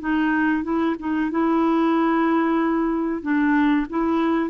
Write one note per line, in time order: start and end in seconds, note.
0.00 0.63 D#4
0.63 0.96 E4
0.99 1.31 D#4
1.31 3.22 E4
3.22 3.87 D4
3.90 4.50 E4